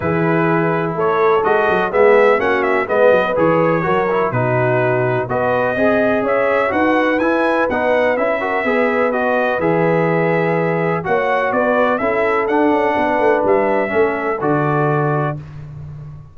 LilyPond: <<
  \new Staff \with { instrumentName = "trumpet" } { \time 4/4 \tempo 4 = 125 b'2 cis''4 dis''4 | e''4 fis''8 e''8 dis''4 cis''4~ | cis''4 b'2 dis''4~ | dis''4 e''4 fis''4 gis''4 |
fis''4 e''2 dis''4 | e''2. fis''4 | d''4 e''4 fis''2 | e''2 d''2 | }
  \new Staff \with { instrumentName = "horn" } { \time 4/4 gis'2 a'2 | gis'4 fis'4 b'2 | ais'4 fis'2 b'4 | dis''4 cis''4 b'2~ |
b'4. ais'8 b'2~ | b'2. cis''4 | b'4 a'2 b'4~ | b'4 a'2. | }
  \new Staff \with { instrumentName = "trombone" } { \time 4/4 e'2. fis'4 | b4 cis'4 b4 gis'4 | fis'8 e'8 dis'2 fis'4 | gis'2 fis'4 e'4 |
dis'4 e'8 fis'8 gis'4 fis'4 | gis'2. fis'4~ | fis'4 e'4 d'2~ | d'4 cis'4 fis'2 | }
  \new Staff \with { instrumentName = "tuba" } { \time 4/4 e2 a4 gis8 fis8 | gis4 ais4 gis8 fis8 e4 | fis4 b,2 b4 | c'4 cis'4 dis'4 e'4 |
b4 cis'4 b2 | e2. ais4 | b4 cis'4 d'8 cis'8 b8 a8 | g4 a4 d2 | }
>>